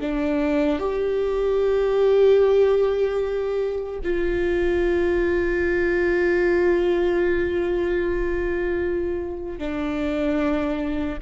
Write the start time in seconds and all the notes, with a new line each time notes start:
0.00 D4
0.79 G4
4.03 F4
9.58 D4